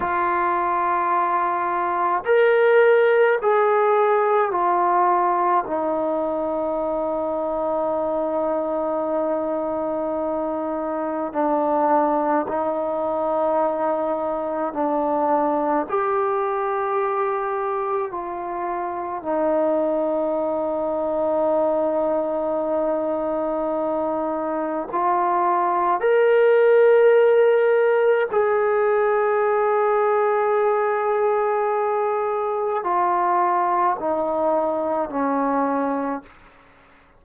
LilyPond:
\new Staff \with { instrumentName = "trombone" } { \time 4/4 \tempo 4 = 53 f'2 ais'4 gis'4 | f'4 dis'2.~ | dis'2 d'4 dis'4~ | dis'4 d'4 g'2 |
f'4 dis'2.~ | dis'2 f'4 ais'4~ | ais'4 gis'2.~ | gis'4 f'4 dis'4 cis'4 | }